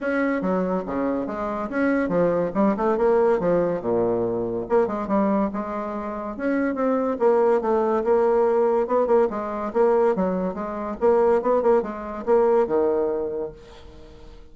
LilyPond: \new Staff \with { instrumentName = "bassoon" } { \time 4/4 \tempo 4 = 142 cis'4 fis4 cis4 gis4 | cis'4 f4 g8 a8 ais4 | f4 ais,2 ais8 gis8 | g4 gis2 cis'4 |
c'4 ais4 a4 ais4~ | ais4 b8 ais8 gis4 ais4 | fis4 gis4 ais4 b8 ais8 | gis4 ais4 dis2 | }